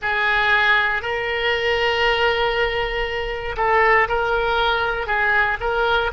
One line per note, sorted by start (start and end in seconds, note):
0.02 1.02 G#4
1.02 3.56 A#4
3.56 4.07 A4
4.08 5.06 A#4
5.06 5.57 G#4
5.60 6.11 A#4